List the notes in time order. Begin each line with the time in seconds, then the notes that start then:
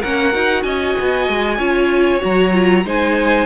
0.00 A#3 C#4 A#4 F#5
0.32 D#4 F#4
0.63 C#4 D#5 G#5
1.00 B3
1.29 G#3
1.58 C#4 F4 C#5
2.20 F#3 F#4 A#5
2.53 F4
2.85 G#3 D#4 C5 G#5